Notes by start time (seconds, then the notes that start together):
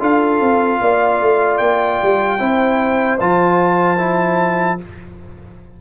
0.00 D4 F4 A4 F5
0.41 C4
0.81 A#3 D5
1.21 A3
1.58 A#3 G5
2.03 G3
2.39 C4 E4 C5
3.20 F3 F4 A5
3.98 E4